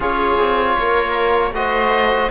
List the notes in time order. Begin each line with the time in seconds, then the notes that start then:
0.00 C#4 F4 G#4 C#5
0.38 C4
0.77 A#3 A#4
1.51 A3 F#4 C5 D#5